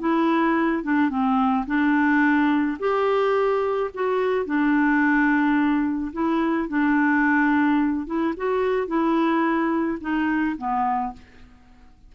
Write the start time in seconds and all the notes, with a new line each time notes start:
0.00 E4
0.83 D4
1.10 C4
1.67 D4
2.79 G4
3.94 F#4
4.46 D4
6.13 E4
6.68 D4
8.07 E4
8.37 F#4
8.87 E4
10.01 D#4
10.58 B3